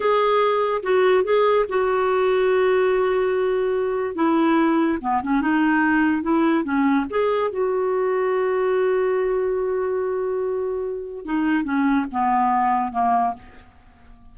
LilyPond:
\new Staff \with { instrumentName = "clarinet" } { \time 4/4 \tempo 4 = 144 gis'2 fis'4 gis'4 | fis'1~ | fis'2 e'2 | b8 cis'8 dis'2 e'4 |
cis'4 gis'4 fis'2~ | fis'1~ | fis'2. dis'4 | cis'4 b2 ais4 | }